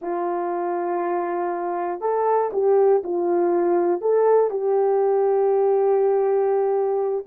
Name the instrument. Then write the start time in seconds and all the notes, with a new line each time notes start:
horn
0.01 F4
2.00 A4
2.52 G4
3.03 F4
4.01 A4
4.50 G4